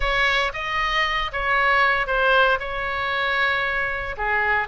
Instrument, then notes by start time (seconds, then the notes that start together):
oboe
0.00 C#5
0.53 D#5
1.32 C#5
2.06 C5
2.59 C#5
4.17 G#4